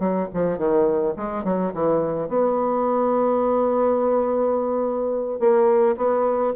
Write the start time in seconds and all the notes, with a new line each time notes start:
0.00 F#3
0.34 F3
0.58 D#3
1.17 G#3
1.44 F#3
1.74 E3
2.29 B3
5.40 A#3
5.97 B3